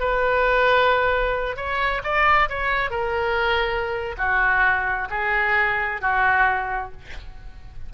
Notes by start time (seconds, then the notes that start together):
0.00 B4
1.57 C#5
2.04 D5
2.50 C#5
2.91 A#4
4.18 F#4
5.10 G#4
6.01 F#4